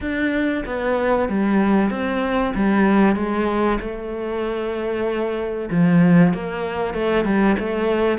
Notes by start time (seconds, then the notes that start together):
0.01 D4
0.65 B3
1.28 G3
1.90 C4
2.54 G3
3.16 G#3
3.80 A3
5.70 F3
6.33 A#3
6.93 A3
7.24 G3
7.59 A3